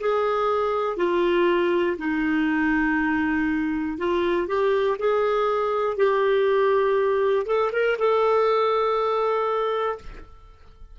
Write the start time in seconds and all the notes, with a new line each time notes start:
0.00 G#4
0.97 F4
1.98 D#4
3.98 F4
4.47 G4
4.99 G#4
5.97 G4
7.46 A4
7.73 A#4
7.99 A4